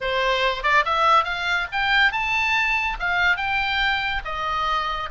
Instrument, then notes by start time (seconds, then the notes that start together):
oboe
0.01 C5
0.63 D5
0.85 E5
1.24 F5
1.72 G5
2.12 A5
2.99 F5
3.36 G5
4.24 D#5